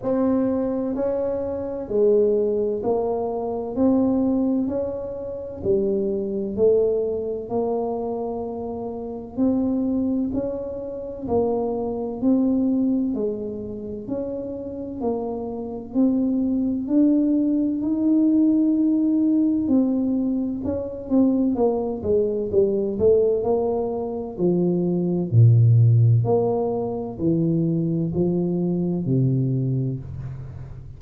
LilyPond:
\new Staff \with { instrumentName = "tuba" } { \time 4/4 \tempo 4 = 64 c'4 cis'4 gis4 ais4 | c'4 cis'4 g4 a4 | ais2 c'4 cis'4 | ais4 c'4 gis4 cis'4 |
ais4 c'4 d'4 dis'4~ | dis'4 c'4 cis'8 c'8 ais8 gis8 | g8 a8 ais4 f4 ais,4 | ais4 e4 f4 c4 | }